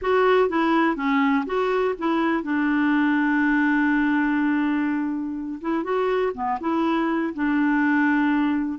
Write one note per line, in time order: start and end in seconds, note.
0.01 0.49 F#4
0.49 0.96 E4
0.96 1.44 C#4
1.45 1.94 F#4
1.98 2.43 E4
2.43 5.60 D4
5.61 5.83 E4
5.83 6.32 F#4
6.33 6.58 B3
6.60 7.33 E4
7.33 8.78 D4